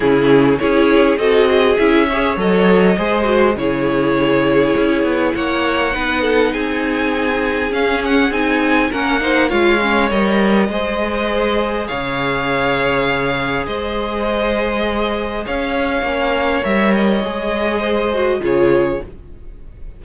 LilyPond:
<<
  \new Staff \with { instrumentName = "violin" } { \time 4/4 \tempo 4 = 101 gis'4 cis''4 dis''4 e''4 | dis''2 cis''2~ | cis''4 fis''2 gis''4~ | gis''4 f''8 fis''8 gis''4 fis''4 |
f''4 dis''2. | f''2. dis''4~ | dis''2 f''2 | e''8 dis''2~ dis''8 cis''4 | }
  \new Staff \with { instrumentName = "violin" } { \time 4/4 e'4 gis'4 a'8 gis'4 cis''8~ | cis''4 c''4 gis'2~ | gis'4 cis''4 b'8 a'8 gis'4~ | gis'2. ais'8 c''8 |
cis''2 c''2 | cis''2. c''4~ | c''2 cis''2~ | cis''2 c''4 gis'4 | }
  \new Staff \with { instrumentName = "viola" } { \time 4/4 cis'4 e'4 fis'4 e'8 gis'8 | a'4 gis'8 fis'8 e'2~ | e'2 dis'2~ | dis'4 cis'4 dis'4 cis'8 dis'8 |
f'8 cis'8 ais'4 gis'2~ | gis'1~ | gis'2. cis'4 | ais'4 gis'4. fis'8 f'4 | }
  \new Staff \with { instrumentName = "cello" } { \time 4/4 cis4 cis'4 c'4 cis'4 | fis4 gis4 cis2 | cis'8 b8 ais4 b4 c'4~ | c'4 cis'4 c'4 ais4 |
gis4 g4 gis2 | cis2. gis4~ | gis2 cis'4 ais4 | g4 gis2 cis4 | }
>>